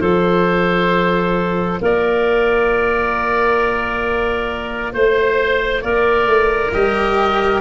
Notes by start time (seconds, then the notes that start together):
0.00 F3 F4 A4 C5
1.81 A#3 A#4 D5
4.93 A3 C5
5.82 A#3 A#4 D5
6.26 A3
6.73 G3 G4 D#5